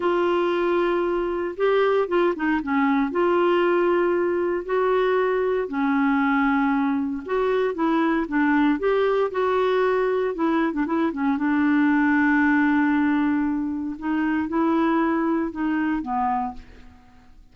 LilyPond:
\new Staff \with { instrumentName = "clarinet" } { \time 4/4 \tempo 4 = 116 f'2. g'4 | f'8 dis'8 cis'4 f'2~ | f'4 fis'2 cis'4~ | cis'2 fis'4 e'4 |
d'4 g'4 fis'2 | e'8. d'16 e'8 cis'8 d'2~ | d'2. dis'4 | e'2 dis'4 b4 | }